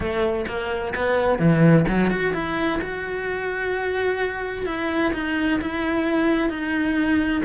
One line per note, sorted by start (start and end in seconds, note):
0.00 0.45 A3
0.47 0.94 A#3
0.95 1.38 B3
1.38 1.85 E3
1.87 2.10 F#3
2.10 2.33 F#4
2.33 2.79 E4
2.81 4.66 F#4
4.66 5.12 E4
5.13 5.60 D#4
5.61 6.49 E4
6.49 7.42 D#4